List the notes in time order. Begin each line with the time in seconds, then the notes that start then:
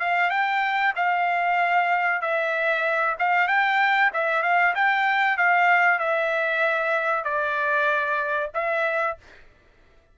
0.00 F5
0.31 G5
0.96 F5
2.22 E5
3.19 F5
3.48 G5
4.14 E5
4.43 F5
4.75 G5
5.38 F5
5.99 E5
7.24 D5
8.54 E5